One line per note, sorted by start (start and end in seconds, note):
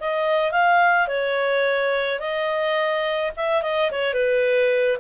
0.00 0.51 D#5
0.51 1.08 F5
1.08 2.19 C#5
2.19 3.32 D#5
3.36 3.62 E5
3.62 3.90 D#5
3.91 4.14 C#5
4.14 4.98 B4